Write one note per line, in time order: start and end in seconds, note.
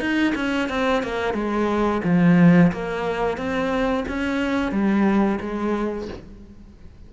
0.00 0.34 D#4
0.35 0.69 C#4
0.69 1.03 C4
1.03 1.34 A#3
1.34 2.01 G#3
2.04 2.72 F3
2.72 3.37 A#3
3.37 4.05 C4
4.08 4.72 C#4
4.72 5.39 G3
5.41 6.08 G#3